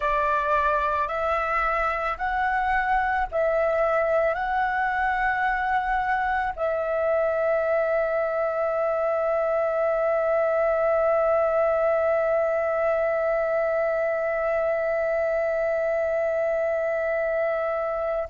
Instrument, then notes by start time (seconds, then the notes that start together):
flute
0.00 D5
1.08 E5
2.18 F#5
3.31 E5
4.34 F#5
6.56 E5